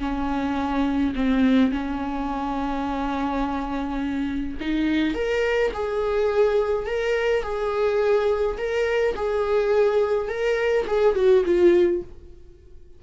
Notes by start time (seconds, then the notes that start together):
0.00 C#4
1.16 C4
1.72 C#4
4.61 D#4
5.15 A#4
5.74 G#4
6.87 A#4
7.43 G#4
8.58 A#4
9.16 G#4
10.29 A#4
10.87 G#4
11.16 F#4
11.45 F4